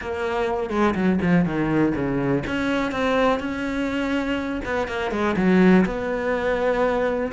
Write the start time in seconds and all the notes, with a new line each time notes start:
0.01 A#3
0.70 G#3
0.94 F#3
1.21 F3
1.45 D#3
1.95 C#3
2.46 C#4
2.91 C4
3.39 C#4
4.64 B3
4.87 A#3
5.11 G#3
5.36 F#3
5.85 B3